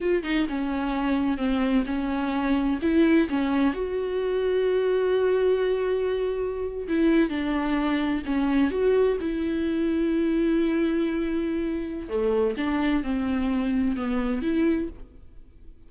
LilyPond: \new Staff \with { instrumentName = "viola" } { \time 4/4 \tempo 4 = 129 f'8 dis'8 cis'2 c'4 | cis'2 e'4 cis'4 | fis'1~ | fis'2~ fis'8. e'4 d'16~ |
d'4.~ d'16 cis'4 fis'4 e'16~ | e'1~ | e'2 a4 d'4 | c'2 b4 e'4 | }